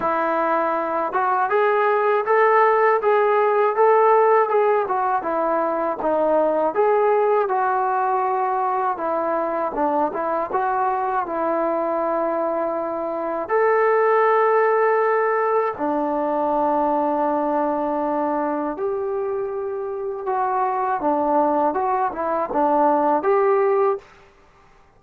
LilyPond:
\new Staff \with { instrumentName = "trombone" } { \time 4/4 \tempo 4 = 80 e'4. fis'8 gis'4 a'4 | gis'4 a'4 gis'8 fis'8 e'4 | dis'4 gis'4 fis'2 | e'4 d'8 e'8 fis'4 e'4~ |
e'2 a'2~ | a'4 d'2.~ | d'4 g'2 fis'4 | d'4 fis'8 e'8 d'4 g'4 | }